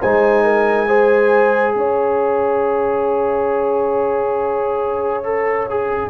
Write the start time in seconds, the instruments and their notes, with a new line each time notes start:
0.00 tuba G#3, trombone D#4, horn C5, trumpet G#5
0.43 horn A#4
0.87 trombone G#4, horn C5
1.75 tuba C#4, horn C#5, trumpet E5
5.23 trombone A4
5.70 trombone G#4